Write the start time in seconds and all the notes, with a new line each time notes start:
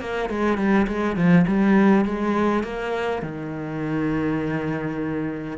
0.00 A#3
0.29 G#3
0.57 G3
0.87 G#3
1.16 F3
1.47 G3
2.05 G#3
2.63 A#3
3.22 D#3